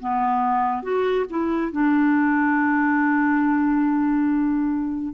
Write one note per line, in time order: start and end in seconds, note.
0.00 0.82 B3
0.82 1.25 F#4
1.29 1.72 E4
1.72 5.14 D4